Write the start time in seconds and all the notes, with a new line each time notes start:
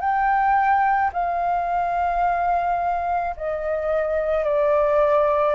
0.00 G5
1.13 F5
3.36 D#5
4.44 D5